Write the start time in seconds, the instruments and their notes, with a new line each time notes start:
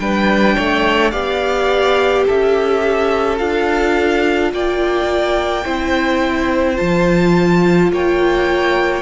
0.00 cello G3, viola D4, violin B4 G5
0.56 cello A3, violin C#5
1.11 cello B3, viola G4, violin D5 F5
2.27 cello C#4, violin A4 E5
3.37 cello D4, viola F4, violin F5
4.53 cello A#3, violin D5 G5
5.65 cello C4, viola E4, violin C5
6.76 cello F3, viola F4, violin A5
7.93 cello A#3, violin C#5 G5